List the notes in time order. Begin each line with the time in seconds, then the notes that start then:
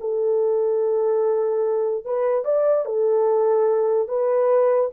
0.00 A4
2.05 B4
2.44 D5
2.85 A4
4.08 B4